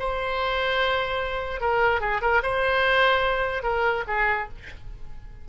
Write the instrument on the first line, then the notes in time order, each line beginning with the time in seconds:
oboe
0.00 C5
1.61 A#4
2.01 G#4
2.22 A#4
2.43 C5
3.63 A#4
4.08 G#4